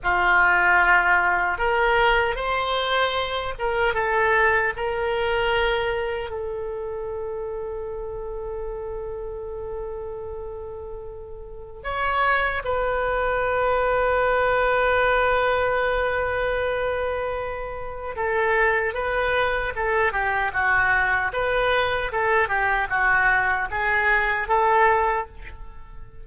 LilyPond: \new Staff \with { instrumentName = "oboe" } { \time 4/4 \tempo 4 = 76 f'2 ais'4 c''4~ | c''8 ais'8 a'4 ais'2 | a'1~ | a'2. cis''4 |
b'1~ | b'2. a'4 | b'4 a'8 g'8 fis'4 b'4 | a'8 g'8 fis'4 gis'4 a'4 | }